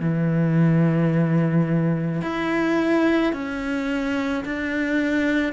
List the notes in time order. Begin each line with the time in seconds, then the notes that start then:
0.00 E3
2.22 E4
3.33 C#4
4.45 D4